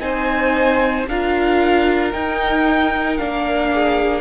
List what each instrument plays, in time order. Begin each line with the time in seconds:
0.00 cello C4, viola D#4, violin C5 G#5
1.08 cello D4, viola F4, violin A#4 F5
2.12 viola D#4, cello D#4, violin G5
3.17 cello A#3, viola D4, violin F5
3.73 violin G#4